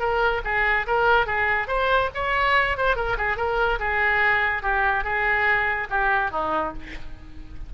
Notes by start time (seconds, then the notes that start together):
0.00 A#4
0.45 G#4
0.87 A#4
1.27 G#4
1.68 C5
2.15 C#5
2.77 C5
2.96 A#4
3.18 G#4
3.37 A#4
3.80 G#4
4.63 G4
5.04 G#4
5.90 G4
6.31 D#4